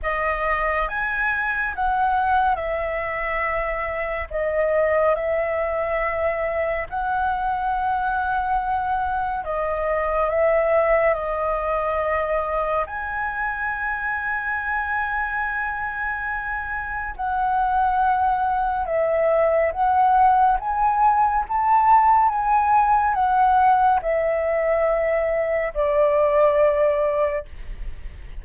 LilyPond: \new Staff \with { instrumentName = "flute" } { \time 4/4 \tempo 4 = 70 dis''4 gis''4 fis''4 e''4~ | e''4 dis''4 e''2 | fis''2. dis''4 | e''4 dis''2 gis''4~ |
gis''1 | fis''2 e''4 fis''4 | gis''4 a''4 gis''4 fis''4 | e''2 d''2 | }